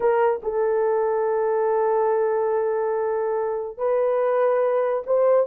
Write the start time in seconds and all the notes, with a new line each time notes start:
0.00 A#4
0.42 A4
3.77 B4
5.06 C5